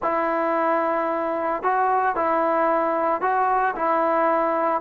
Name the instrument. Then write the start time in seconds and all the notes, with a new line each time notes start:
trombone
0.02 E4
1.62 F#4
2.15 E4
3.21 F#4
3.75 E4